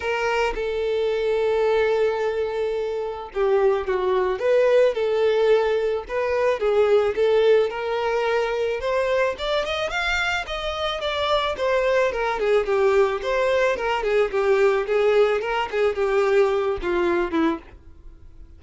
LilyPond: \new Staff \with { instrumentName = "violin" } { \time 4/4 \tempo 4 = 109 ais'4 a'2.~ | a'2 g'4 fis'4 | b'4 a'2 b'4 | gis'4 a'4 ais'2 |
c''4 d''8 dis''8 f''4 dis''4 | d''4 c''4 ais'8 gis'8 g'4 | c''4 ais'8 gis'8 g'4 gis'4 | ais'8 gis'8 g'4. f'4 e'8 | }